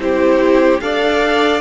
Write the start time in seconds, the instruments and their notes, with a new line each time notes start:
0.00 cello C4, viola E4, violin G4 C5
0.81 cello D4, viola A4, violin D5 F5